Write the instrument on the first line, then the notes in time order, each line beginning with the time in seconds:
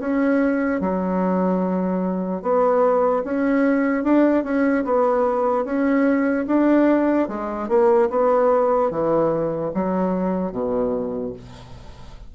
bassoon
0.00 C#4
0.80 F#3
2.42 B3
3.24 C#4
4.04 D4
4.44 C#4
4.85 B3
5.65 C#4
6.47 D4
7.28 G#3
7.69 A#3
8.10 B3
8.90 E3
9.74 F#3
10.52 B2